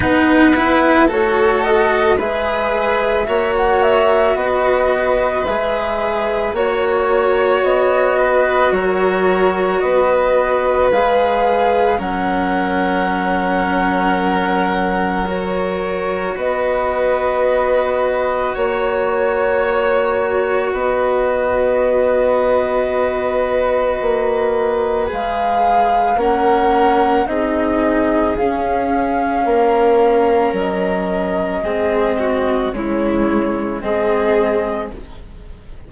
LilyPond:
<<
  \new Staff \with { instrumentName = "flute" } { \time 4/4 \tempo 4 = 55 fis''4 cis''8 dis''8 e''4~ e''16 fis''16 e''8 | dis''4 e''4 cis''4 dis''4 | cis''4 dis''4 f''4 fis''4~ | fis''2 cis''4 dis''4~ |
dis''4 cis''2 dis''4~ | dis''2. f''4 | fis''4 dis''4 f''2 | dis''2 cis''4 dis''4 | }
  \new Staff \with { instrumentName = "violin" } { \time 4/4 b'4 a'4 b'4 cis''4 | b'2 cis''4. b'8 | ais'4 b'2 ais'4~ | ais'2. b'4~ |
b'4 cis''2 b'4~ | b'1 | ais'4 gis'2 ais'4~ | ais'4 gis'8 fis'8 e'4 gis'4 | }
  \new Staff \with { instrumentName = "cello" } { \time 4/4 dis'8 e'8 fis'4 gis'4 fis'4~ | fis'4 gis'4 fis'2~ | fis'2 gis'4 cis'4~ | cis'2 fis'2~ |
fis'1~ | fis'2. gis'4 | cis'4 dis'4 cis'2~ | cis'4 c'4 gis4 c'4 | }
  \new Staff \with { instrumentName = "bassoon" } { \time 4/4 b4 a4 gis4 ais4 | b4 gis4 ais4 b4 | fis4 b4 gis4 fis4~ | fis2. b4~ |
b4 ais2 b4~ | b2 ais4 gis4 | ais4 c'4 cis'4 ais4 | fis4 gis4 cis4 gis4 | }
>>